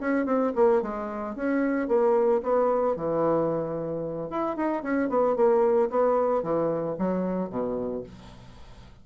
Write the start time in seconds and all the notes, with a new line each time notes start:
0.00 C#4
0.25 C4
0.55 A#3
0.82 G#3
1.35 C#4
1.87 A#3
2.43 B3
2.96 E3
4.30 E4
4.56 D#4
4.83 C#4
5.09 B3
5.36 A#3
5.90 B3
6.42 E3
6.98 F#3
7.49 B2